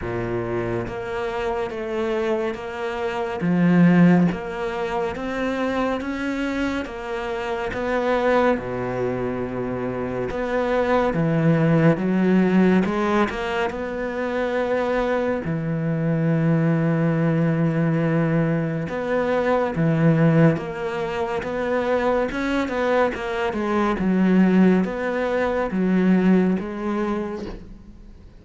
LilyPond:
\new Staff \with { instrumentName = "cello" } { \time 4/4 \tempo 4 = 70 ais,4 ais4 a4 ais4 | f4 ais4 c'4 cis'4 | ais4 b4 b,2 | b4 e4 fis4 gis8 ais8 |
b2 e2~ | e2 b4 e4 | ais4 b4 cis'8 b8 ais8 gis8 | fis4 b4 fis4 gis4 | }